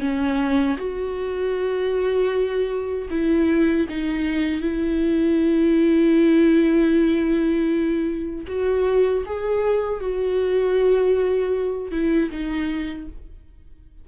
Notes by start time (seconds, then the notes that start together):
0.00 C#4
0.77 F#4
3.10 E4
3.89 D#4
4.61 E4
8.47 F#4
9.26 G#4
10.00 F#4
11.91 E4
12.31 D#4